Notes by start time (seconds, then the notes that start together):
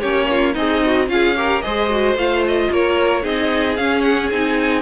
0.00 A#3 C#4 G4 C#5
0.30 F4
0.53 C4 D#4 G#4 D#5
0.84 F#4
1.08 C#4 F4 G#4 F5
1.35 G4 A#4
1.61 G#3 G#4 C5 D#5
1.89 F#4
2.15 A3 F4 F5
2.46 D#5
2.70 A#3 A#4 C#5
3.22 C4 D#4 G#4 D#5
3.76 C#4 F5
4.01 F#5
4.30 C4 D#4 G#5